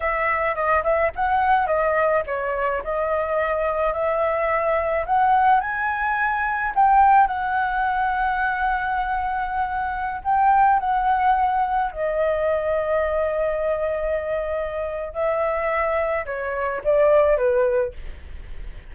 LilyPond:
\new Staff \with { instrumentName = "flute" } { \time 4/4 \tempo 4 = 107 e''4 dis''8 e''8 fis''4 dis''4 | cis''4 dis''2 e''4~ | e''4 fis''4 gis''2 | g''4 fis''2.~ |
fis''2~ fis''16 g''4 fis''8.~ | fis''4~ fis''16 dis''2~ dis''8.~ | dis''2. e''4~ | e''4 cis''4 d''4 b'4 | }